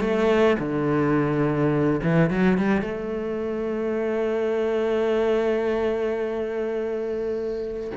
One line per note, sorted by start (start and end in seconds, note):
0.00 0.57 A3
0.59 2.00 D3
2.02 2.30 E3
2.30 2.58 F#3
2.58 2.81 G3
2.81 7.91 A3